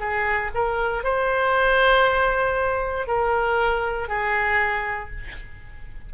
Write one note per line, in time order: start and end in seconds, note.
0.00 0.51 G#4
0.55 1.04 A#4
1.04 3.07 C5
3.07 4.09 A#4
4.09 5.10 G#4